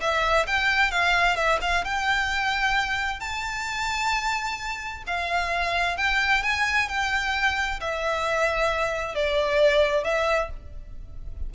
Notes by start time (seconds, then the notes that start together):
0.00 E5
0.46 G5
0.91 F5
1.35 E5
1.61 F5
1.84 G5
3.20 A5
5.06 F5
5.97 G5
6.43 G#5
6.88 G5
7.80 E5
9.14 D5
10.04 E5